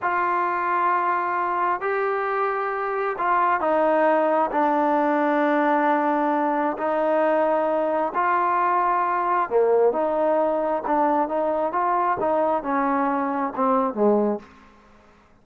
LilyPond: \new Staff \with { instrumentName = "trombone" } { \time 4/4 \tempo 4 = 133 f'1 | g'2. f'4 | dis'2 d'2~ | d'2. dis'4~ |
dis'2 f'2~ | f'4 ais4 dis'2 | d'4 dis'4 f'4 dis'4 | cis'2 c'4 gis4 | }